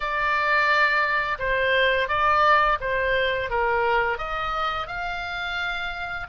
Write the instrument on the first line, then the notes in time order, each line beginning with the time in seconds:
oboe
0.00 D5
1.39 C5
2.08 D5
2.80 C5
3.50 A#4
4.17 D#5
4.87 F5